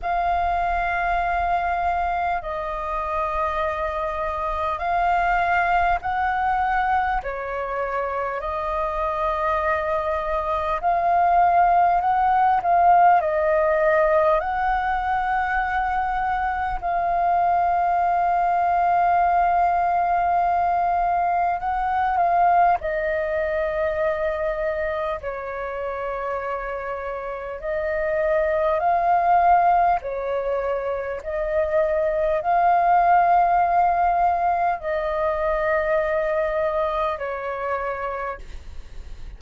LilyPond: \new Staff \with { instrumentName = "flute" } { \time 4/4 \tempo 4 = 50 f''2 dis''2 | f''4 fis''4 cis''4 dis''4~ | dis''4 f''4 fis''8 f''8 dis''4 | fis''2 f''2~ |
f''2 fis''8 f''8 dis''4~ | dis''4 cis''2 dis''4 | f''4 cis''4 dis''4 f''4~ | f''4 dis''2 cis''4 | }